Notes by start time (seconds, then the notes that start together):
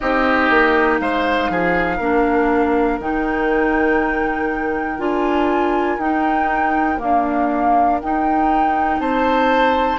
0.00 C4 D#4 G4 D#5
0.50 A#3
1.00 G#3 C5 F5
1.49 F3 G#4
1.96 A#3 D4 A#4
3.00 D#3 D#4 G5
4.98 D4 F4 G#5
5.97 D#4 G5
6.98 A#3 D4 F5
8.00 D#4 G5
8.99 C4 C5 A5